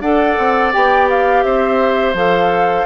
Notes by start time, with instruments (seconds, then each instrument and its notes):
0.00 bassoon D4, clarinet A4, oboe D5, flute F#5
0.38 bassoon C4
0.72 bassoon B3, clarinet G4, flute G5
1.09 flute F5
1.43 bassoon C4, oboe C5, flute E5
2.13 bassoon F3, clarinet A4, flute F5